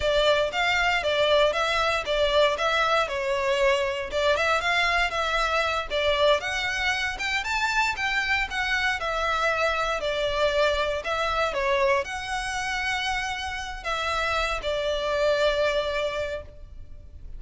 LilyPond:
\new Staff \with { instrumentName = "violin" } { \time 4/4 \tempo 4 = 117 d''4 f''4 d''4 e''4 | d''4 e''4 cis''2 | d''8 e''8 f''4 e''4. d''8~ | d''8 fis''4. g''8 a''4 g''8~ |
g''8 fis''4 e''2 d''8~ | d''4. e''4 cis''4 fis''8~ | fis''2. e''4~ | e''8 d''2.~ d''8 | }